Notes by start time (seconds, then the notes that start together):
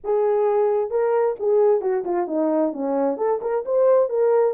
0.04 G#4
0.90 A#4
1.39 G#4
1.81 F#4
2.04 F4
2.27 D#4
2.73 C#4
3.17 A4
3.41 A#4
3.65 C5
4.09 A#4